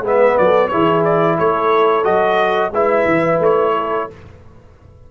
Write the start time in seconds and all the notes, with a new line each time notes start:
0.00 G#3 B3 B4
0.06 E5
0.37 F#3 A4 D5
0.68 E3 E4 G#4 C#5
1.04 D5
1.37 A3 A4 C#5
2.03 F#3 F#4 D#5
2.71 G#3 E4 B4 E5
3.05 E3
3.39 A3 C#5
3.75 A4